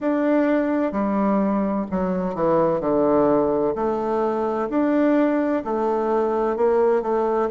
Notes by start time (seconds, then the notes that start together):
0.00 D4
0.92 G3
1.90 F#3
2.34 E3
2.80 D3
3.75 A3
4.69 D4
5.64 A3
6.56 A#3
7.02 A3